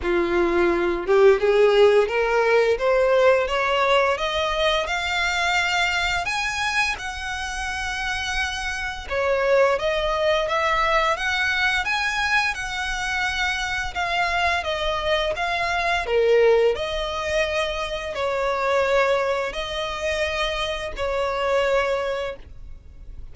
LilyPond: \new Staff \with { instrumentName = "violin" } { \time 4/4 \tempo 4 = 86 f'4. g'8 gis'4 ais'4 | c''4 cis''4 dis''4 f''4~ | f''4 gis''4 fis''2~ | fis''4 cis''4 dis''4 e''4 |
fis''4 gis''4 fis''2 | f''4 dis''4 f''4 ais'4 | dis''2 cis''2 | dis''2 cis''2 | }